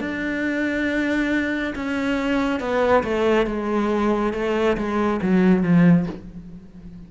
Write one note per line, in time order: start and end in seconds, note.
0.00 1.74 D4
1.75 2.60 C#4
2.60 3.03 B3
3.03 3.46 A3
3.46 4.33 G#3
4.33 4.76 A3
4.77 5.20 G#3
5.22 5.62 F#3
5.62 6.06 F3